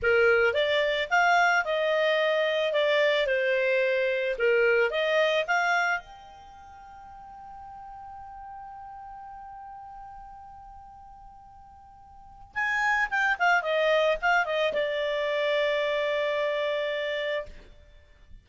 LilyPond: \new Staff \with { instrumentName = "clarinet" } { \time 4/4 \tempo 4 = 110 ais'4 d''4 f''4 dis''4~ | dis''4 d''4 c''2 | ais'4 dis''4 f''4 g''4~ | g''1~ |
g''1~ | g''2. gis''4 | g''8 f''8 dis''4 f''8 dis''8 d''4~ | d''1 | }